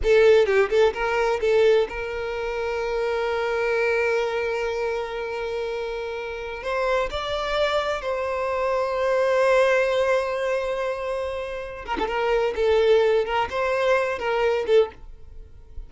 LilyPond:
\new Staff \with { instrumentName = "violin" } { \time 4/4 \tempo 4 = 129 a'4 g'8 a'8 ais'4 a'4 | ais'1~ | ais'1~ | ais'2~ ais'16 c''4 d''8.~ |
d''4~ d''16 c''2~ c''8.~ | c''1~ | c''4. ais'16 a'16 ais'4 a'4~ | a'8 ais'8 c''4. ais'4 a'8 | }